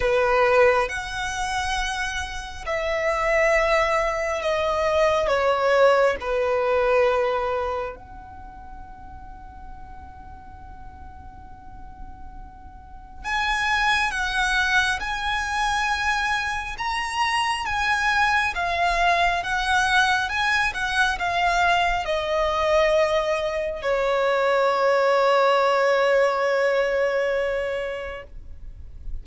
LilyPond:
\new Staff \with { instrumentName = "violin" } { \time 4/4 \tempo 4 = 68 b'4 fis''2 e''4~ | e''4 dis''4 cis''4 b'4~ | b'4 fis''2.~ | fis''2. gis''4 |
fis''4 gis''2 ais''4 | gis''4 f''4 fis''4 gis''8 fis''8 | f''4 dis''2 cis''4~ | cis''1 | }